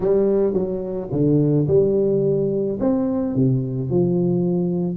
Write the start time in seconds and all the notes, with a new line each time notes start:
0.00 G3
0.53 F#3
1.11 D3
1.67 G3
2.80 C4
3.35 C3
3.90 F3